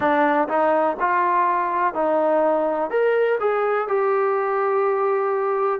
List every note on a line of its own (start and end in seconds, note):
0.00 0.48 D4
0.48 0.96 D#4
0.99 1.94 F4
1.94 2.90 D#4
2.90 3.38 A#4
3.40 3.88 G#4
3.88 5.80 G4